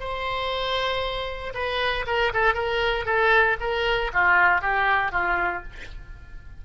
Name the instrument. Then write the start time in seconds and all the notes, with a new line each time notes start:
oboe
0.00 C5
1.55 B4
2.07 A#4
2.34 A4
2.55 A#4
3.06 A4
3.61 A#4
4.14 F4
4.62 G4
5.12 F4